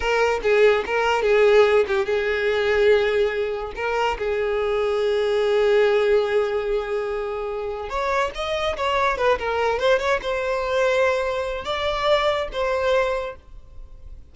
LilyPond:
\new Staff \with { instrumentName = "violin" } { \time 4/4 \tempo 4 = 144 ais'4 gis'4 ais'4 gis'4~ | gis'8 g'8 gis'2.~ | gis'4 ais'4 gis'2~ | gis'1~ |
gis'2. cis''4 | dis''4 cis''4 b'8 ais'4 c''8 | cis''8 c''2.~ c''8 | d''2 c''2 | }